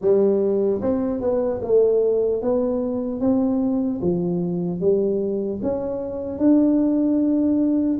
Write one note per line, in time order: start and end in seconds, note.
0.01 0.81 G3
0.81 1.20 C4
1.20 1.60 B3
1.62 2.41 A3
2.41 3.20 B3
3.20 4.00 C4
4.01 4.80 F3
4.80 5.60 G3
5.62 6.38 C#4
6.38 7.98 D4